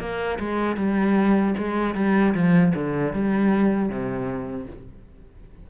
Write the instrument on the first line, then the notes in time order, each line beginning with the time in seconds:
cello
0.00 A#3
0.40 G#3
0.77 G3
1.58 G#3
1.95 G3
2.34 F3
2.75 D3
3.14 G3
3.89 C3